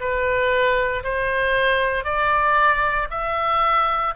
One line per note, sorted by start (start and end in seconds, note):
0.00 1.03 B4
1.04 2.05 C5
2.05 3.08 D5
3.11 4.14 E5